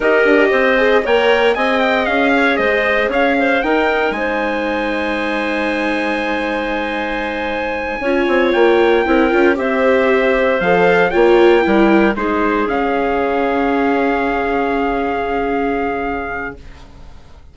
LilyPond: <<
  \new Staff \with { instrumentName = "trumpet" } { \time 4/4 \tempo 4 = 116 dis''2 g''4 gis''8 g''8 | f''4 dis''4 f''4 g''4 | gis''1~ | gis''1~ |
gis''8 g''2 e''4.~ | e''8 f''4 g''2 c''8~ | c''8 f''2.~ f''8~ | f''1 | }
  \new Staff \with { instrumentName = "clarinet" } { \time 4/4 ais'4 c''4 cis''4 dis''4~ | dis''8 cis''8 c''4 cis''8 c''8 ais'4 | c''1~ | c''2.~ c''8 cis''8~ |
cis''4. ais'4 c''4.~ | c''4. cis''4 ais'4 gis'8~ | gis'1~ | gis'1 | }
  \new Staff \with { instrumentName = "viola" } { \time 4/4 g'4. gis'8 ais'4 gis'4~ | gis'2. dis'4~ | dis'1~ | dis'2.~ dis'8 f'8~ |
f'4. e'8 f'8 g'4.~ | g'8 a'4 f'4 e'4 dis'8~ | dis'8 cis'2.~ cis'8~ | cis'1 | }
  \new Staff \with { instrumentName = "bassoon" } { \time 4/4 dis'8 d'8 c'4 ais4 c'4 | cis'4 gis4 cis'4 dis'4 | gis1~ | gis2.~ gis8 cis'8 |
c'8 ais4 c'8 cis'8 c'4.~ | c'8 f4 ais4 g4 gis8~ | gis8 cis2.~ cis8~ | cis1 | }
>>